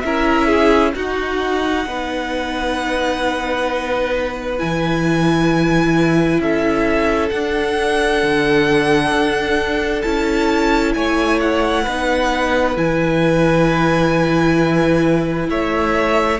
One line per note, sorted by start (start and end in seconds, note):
0.00 0.94 C#4
0.00 0.95 E4
0.00 0.46 A#4
0.00 0.91 E5
0.46 0.91 G#4
0.95 1.86 D#4
0.95 4.58 D#4
0.95 1.86 F#4
0.95 4.58 F#5
1.86 4.59 B3
1.86 6.41 B4
4.58 6.39 E3
4.58 7.30 E4
4.58 6.40 G#5
6.39 7.30 C#4
6.39 10.95 A4
6.39 7.29 E5
7.29 10.03 D4
7.29 8.23 D4
7.29 10.01 F#5
8.23 9.11 D3
9.11 10.02 D4
10.01 10.95 C#4
10.01 11.85 E4
10.01 10.92 A5
10.94 11.86 A3
10.94 11.83 C#5
10.94 11.39 G#5
11.40 12.77 F#5
11.83 12.76 B3
11.83 12.76 D#4
11.83 15.47 B4
12.76 15.49 E3
12.76 16.39 E4
12.76 15.49 G#5
15.49 16.39 A3
15.49 16.39 C#5
15.49 16.39 E5